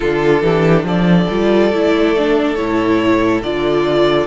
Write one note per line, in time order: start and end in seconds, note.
0.00 0.42 D3
0.00 1.30 D4
0.00 0.42 F4
0.00 0.86 A4
0.42 0.83 E3
0.42 0.85 G4
0.83 1.26 F3
0.83 4.26 A4
0.83 2.55 D5
1.30 1.73 G3
1.30 1.72 F4
1.73 2.58 A3
1.73 2.16 E4
2.17 2.57 D4
2.55 3.42 A2
2.55 3.42 E4
2.55 3.40 C#5
3.42 4.26 D3
3.42 4.26 F4
3.42 4.26 D5